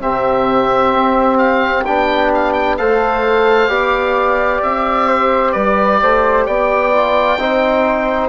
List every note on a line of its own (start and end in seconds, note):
0.00 0.93 C3
0.00 1.85 C4
0.00 2.79 G4
0.00 1.38 E5
0.93 1.85 C4
1.38 1.84 F5
1.86 2.80 B3
1.86 2.79 D4
1.86 2.32 G5
2.34 2.53 F5
2.53 2.76 G5
2.78 3.69 A3
2.78 3.69 A4
2.78 3.71 C5
2.78 4.62 F5
3.69 4.61 B3
3.69 6.92 G4
3.69 5.08 D5
4.63 5.55 C4
4.63 5.52 E5
5.08 5.53 C5
5.52 6.02 G3
5.52 5.99 B4
5.52 6.45 D5
6.02 6.47 A3
6.02 6.46 C5
6.46 7.38 B3
6.46 7.39 D5
6.46 8.29 G5
6.92 7.39 F4
7.38 8.29 C4
7.38 8.29 D#4
7.38 8.29 C5